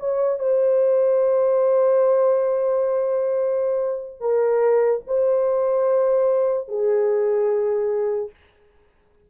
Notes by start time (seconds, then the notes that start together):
0.00 C#5
0.39 C5
4.21 A#4
5.07 C5
6.69 G#4